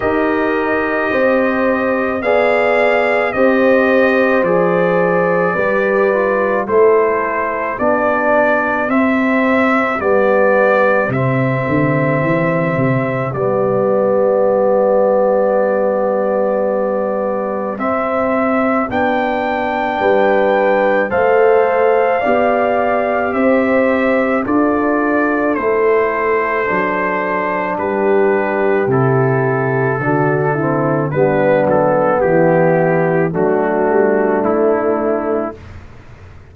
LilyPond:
<<
  \new Staff \with { instrumentName = "trumpet" } { \time 4/4 \tempo 4 = 54 dis''2 f''4 dis''4 | d''2 c''4 d''4 | e''4 d''4 e''2 | d''1 |
e''4 g''2 f''4~ | f''4 e''4 d''4 c''4~ | c''4 b'4 a'2 | b'8 a'8 g'4 fis'4 e'4 | }
  \new Staff \with { instrumentName = "horn" } { \time 4/4 ais'4 c''4 d''4 c''4~ | c''4 b'4 a'4 g'4~ | g'1~ | g'1~ |
g'2 b'4 c''4 | d''4 c''4 a'2~ | a'4 g'2 fis'8 e'8 | d'4 e'4 d'2 | }
  \new Staff \with { instrumentName = "trombone" } { \time 4/4 g'2 gis'4 g'4 | gis'4 g'8 f'8 e'4 d'4 | c'4 b4 c'2 | b1 |
c'4 d'2 a'4 | g'2 f'4 e'4 | d'2 e'4 d'8 c'8 | b2 a2 | }
  \new Staff \with { instrumentName = "tuba" } { \time 4/4 dis'4 c'4 b4 c'4 | f4 g4 a4 b4 | c'4 g4 c8 d8 e8 c8 | g1 |
c'4 b4 g4 a4 | b4 c'4 d'4 a4 | fis4 g4 c4 d4 | g8 fis8 e4 fis8 g8 a4 | }
>>